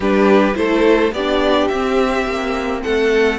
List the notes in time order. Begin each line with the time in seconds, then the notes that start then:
0.00 G3 D4 G4 B4
0.54 A3 E4 A4 C5
1.12 B3 D4 G4 D5
1.68 C4 E5
2.26 A#3
2.82 A3 A4 F#5